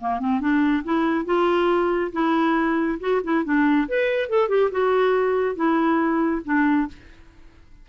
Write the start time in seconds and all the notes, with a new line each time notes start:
0.00 A#3
0.19 C4
0.40 D4
0.84 E4
1.25 F4
2.12 E4
3.00 F#4
3.23 E4
3.44 D4
3.88 B4
4.29 A4
4.49 G4
4.71 F#4
5.55 E4
6.44 D4